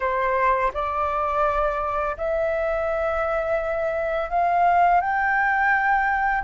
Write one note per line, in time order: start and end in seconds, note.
0.00 0.71 C5
0.73 2.16 D5
2.17 4.30 E5
4.30 5.00 F5
5.00 6.43 G5